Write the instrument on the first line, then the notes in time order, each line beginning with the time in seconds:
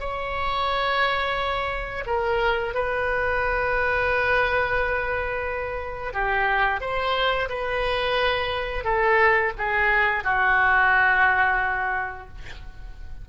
oboe
0.00 C#5
2.06 A#4
2.75 B4
6.13 G4
6.81 C5
7.49 B4
8.84 A4
9.58 G#4
10.24 F#4